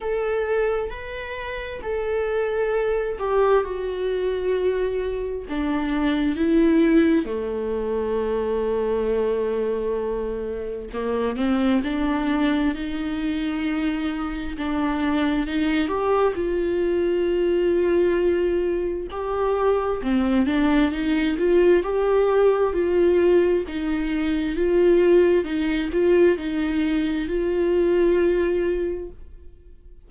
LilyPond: \new Staff \with { instrumentName = "viola" } { \time 4/4 \tempo 4 = 66 a'4 b'4 a'4. g'8 | fis'2 d'4 e'4 | a1 | ais8 c'8 d'4 dis'2 |
d'4 dis'8 g'8 f'2~ | f'4 g'4 c'8 d'8 dis'8 f'8 | g'4 f'4 dis'4 f'4 | dis'8 f'8 dis'4 f'2 | }